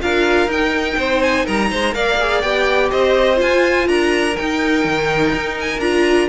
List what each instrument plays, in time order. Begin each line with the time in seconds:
0.00 cello D4, viola F4, violin A#4 F5
0.46 cello D#4, viola D#4, violin G5
0.97 cello C4, violin C5
1.21 violin G#5
1.45 cello G3, violin A#4 A#5
1.70 cello G#3, violin C5
1.91 cello A#3, viola A#4, violin D5 F5
2.19 viola G#4
2.41 cello B3, viola G4, violin G5
2.90 cello C4, violin C5 D#5
3.35 viola F4, cello F4, violin G#5
3.87 cello D4, violin A#4 A#5
4.36 viola D#4, cello D#4, violin G5
4.84 cello D#3
5.34 cello D#4
5.60 violin G#5
5.78 cello D4, viola F4, violin A#5